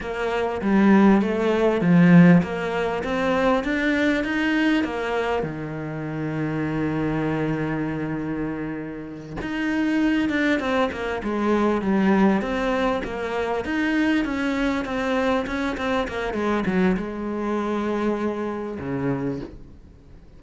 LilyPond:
\new Staff \with { instrumentName = "cello" } { \time 4/4 \tempo 4 = 99 ais4 g4 a4 f4 | ais4 c'4 d'4 dis'4 | ais4 dis2.~ | dis2.~ dis8 dis'8~ |
dis'4 d'8 c'8 ais8 gis4 g8~ | g8 c'4 ais4 dis'4 cis'8~ | cis'8 c'4 cis'8 c'8 ais8 gis8 fis8 | gis2. cis4 | }